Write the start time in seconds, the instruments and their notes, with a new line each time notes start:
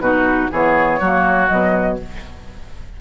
0.00 bassoon B2, clarinet D#4, oboe F#4, flute B4
0.51 bassoon E3, clarinet B3, oboe G#4, flute C#5
1.01 bassoon F#3, clarinet A#3, oboe F#4
1.48 bassoon B2, clarinet F#3, flute D#5